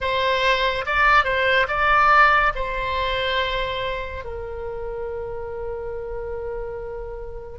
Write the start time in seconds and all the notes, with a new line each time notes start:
0.00 C5
0.86 D5
1.24 C5
1.68 D5
2.55 C5
4.24 A#4